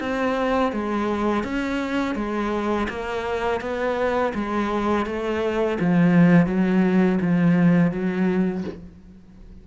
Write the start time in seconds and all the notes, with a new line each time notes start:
0.00 C4
0.72 G#3
1.44 C#4
2.15 G#3
2.89 A#3
3.60 B3
4.34 G#3
5.06 A3
5.80 F3
6.46 F#3
7.21 F3
7.92 F#3